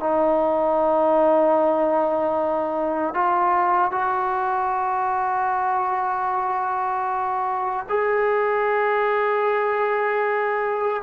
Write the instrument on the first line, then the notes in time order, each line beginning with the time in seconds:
trombone
0.00 D#4
3.15 F4
3.92 F#4
7.89 G#4